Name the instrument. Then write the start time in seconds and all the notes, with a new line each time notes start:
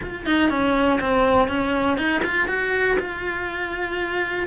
cello
0.02 F4
0.26 D#4
0.50 C#4
1.00 C4
1.47 C#4
1.97 D#4
2.24 F4
2.47 F#4
2.99 F4